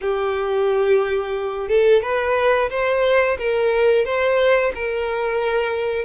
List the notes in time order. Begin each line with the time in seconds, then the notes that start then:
0.01 G4
1.68 A4
2.02 B4
2.70 C5
3.38 A#4
4.04 C5
4.75 A#4